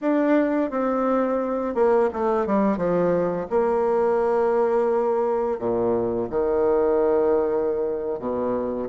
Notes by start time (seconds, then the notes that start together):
0.01 D4
0.70 C4
1.74 A#3
2.13 A3
2.46 G3
2.77 F3
3.49 A#3
5.58 A#2
6.30 D#3
8.18 B2